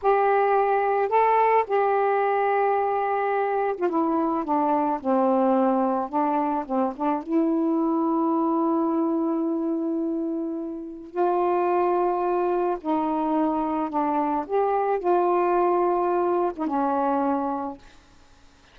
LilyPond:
\new Staff \with { instrumentName = "saxophone" } { \time 4/4 \tempo 4 = 108 g'2 a'4 g'4~ | g'2~ g'8. f'16 e'4 | d'4 c'2 d'4 | c'8 d'8 e'2.~ |
e'1 | f'2. dis'4~ | dis'4 d'4 g'4 f'4~ | f'4.~ f'16 dis'16 cis'2 | }